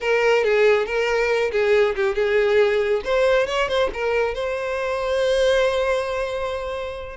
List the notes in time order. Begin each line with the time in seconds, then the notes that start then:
0.01 A#4
0.43 G#4
0.85 A#4
1.51 G#4
1.95 G4
2.14 G#4
3.04 C5
3.46 C#5
3.68 C5
3.93 A#4
4.34 C5